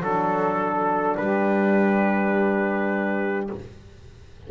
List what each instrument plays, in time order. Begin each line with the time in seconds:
0.00 double bass F#3, horn D4, saxophone A4, trumpet A4
1.16 double bass G3, saxophone G4, trumpet B4